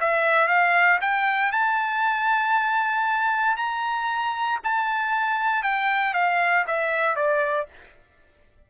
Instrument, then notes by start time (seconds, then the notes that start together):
trumpet
0.00 E5
0.48 F5
1.01 G5
1.52 A5
3.57 A#5
4.64 A5
5.63 G5
6.14 F5
6.67 E5
7.16 D5